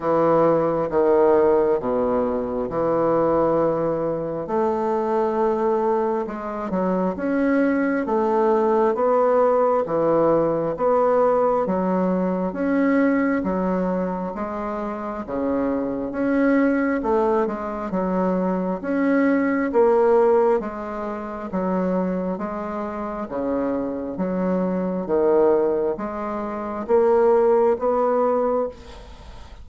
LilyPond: \new Staff \with { instrumentName = "bassoon" } { \time 4/4 \tempo 4 = 67 e4 dis4 b,4 e4~ | e4 a2 gis8 fis8 | cis'4 a4 b4 e4 | b4 fis4 cis'4 fis4 |
gis4 cis4 cis'4 a8 gis8 | fis4 cis'4 ais4 gis4 | fis4 gis4 cis4 fis4 | dis4 gis4 ais4 b4 | }